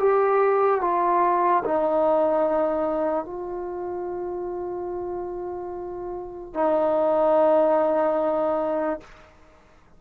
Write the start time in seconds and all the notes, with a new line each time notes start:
0.00 G4
0.81 F4
1.65 D#4
3.25 F4
6.54 D#4